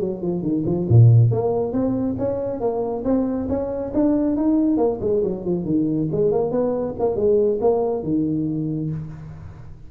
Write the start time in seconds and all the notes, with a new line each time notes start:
0.00 F#3
0.22 F3
0.42 D#3
0.65 F3
0.89 A#2
1.31 A#3
1.72 C4
2.19 C#4
2.60 A#3
3.05 C4
3.49 C#4
3.94 D4
4.37 D#4
4.77 A#3
5.01 G#3
5.23 F#3
5.45 F3
5.65 D#3
6.12 G#3
6.32 A#3
6.51 B3
6.99 A#3
7.16 G#3
7.61 A#3
8.03 D#3